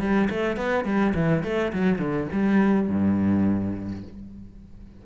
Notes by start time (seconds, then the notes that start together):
0.00 G3
0.30 A3
0.57 B3
0.85 G3
1.15 E3
1.43 A3
1.73 F#3
1.99 D3
2.33 G3
2.88 G2